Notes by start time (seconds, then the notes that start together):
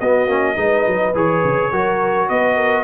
0.00 B3 F#4 D#5
0.27 A#3 C#4
0.56 G#3 D#4 B4
0.87 F#3
1.14 E3 G#4 C#5
1.44 C#3
1.72 F#3 F#4 A#4
2.29 B3 B4 D#5
2.55 A#4